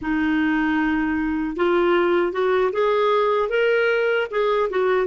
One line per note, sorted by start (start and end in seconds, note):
0.01 1.56 D#4
1.56 2.32 F4
2.32 2.71 F#4
2.72 3.49 G#4
3.49 4.26 A#4
4.30 4.69 G#4
4.70 5.07 F#4